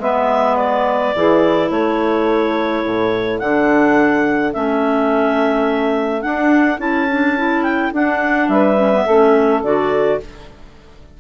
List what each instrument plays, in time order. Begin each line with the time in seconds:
0.00 bassoon G#3, clarinet B3 E5, saxophone B4
0.57 clarinet D5
1.15 bassoon E3, clarinet E4, saxophone G#4
1.71 bassoon A3, saxophone A4, clarinet C#5
2.85 bassoon A2
3.39 bassoon D3, clarinet D4 F#5
4.53 bassoon A3, clarinet C#4 E5
6.22 clarinet D4 F#5, bassoon D4
6.79 bassoon C#4, clarinet E4 A5
7.12 clarinet D4
7.38 clarinet E4
7.63 clarinet G5
7.93 clarinet D4 F#5, bassoon D4
8.49 bassoon G3, saxophone B4, clarinet E5
8.77 clarinet C#4
8.93 clarinet B3
9.05 bassoon A3, clarinet C#4, saxophone A4
9.63 bassoon D3, clarinet F#4 D5